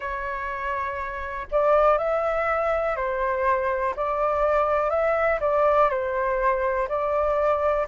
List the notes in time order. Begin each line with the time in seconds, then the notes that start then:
0.00 C#5
1.51 D5
1.98 E5
2.96 C5
3.96 D5
4.90 E5
5.40 D5
5.89 C5
6.88 D5